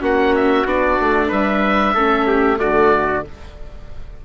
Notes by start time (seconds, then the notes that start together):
0.00 A#3 C#4 F#4 F#5
0.35 E5
0.64 B3 D4 D5
1.00 A3
1.28 G3 B4 E5
1.94 A3 C#4 A4
2.27 G4
2.57 D3 A3 F#4 D5